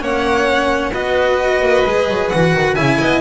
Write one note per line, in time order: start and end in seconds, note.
0.00 0.93 A#3
0.00 0.92 C#4
0.00 0.92 C#5
0.00 0.93 F#5
0.92 1.61 B3
0.92 1.85 F#4
0.92 2.74 B4
0.92 2.29 D#5
1.61 1.84 A#3
1.85 2.08 G#3
1.85 2.32 G#4
2.08 2.31 F#3
2.29 2.54 E3
2.29 2.76 F#4
2.29 2.75 F#5
2.54 2.76 D#3
2.74 2.99 C#3
2.74 3.21 E4
2.74 2.97 E5
2.74 3.21 G#5
3.01 3.21 B3
3.01 3.21 D#5